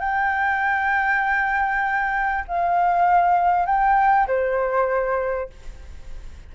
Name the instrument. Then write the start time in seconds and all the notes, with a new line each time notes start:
flute
0.00 G5
2.48 F5
3.66 G5
4.28 C5